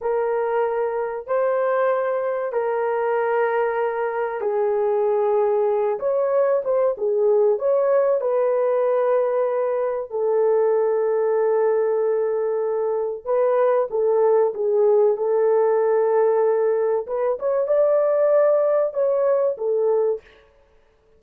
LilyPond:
\new Staff \with { instrumentName = "horn" } { \time 4/4 \tempo 4 = 95 ais'2 c''2 | ais'2. gis'4~ | gis'4. cis''4 c''8 gis'4 | cis''4 b'2. |
a'1~ | a'4 b'4 a'4 gis'4 | a'2. b'8 cis''8 | d''2 cis''4 a'4 | }